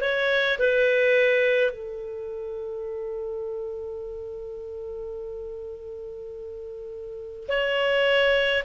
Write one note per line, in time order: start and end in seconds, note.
0.00 0.58 C#5
0.59 1.70 B4
1.70 7.47 A4
7.48 8.63 C#5